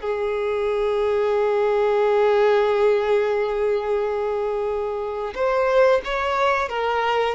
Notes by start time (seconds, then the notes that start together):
0.00 G#4
5.35 C5
6.04 C#5
6.69 A#4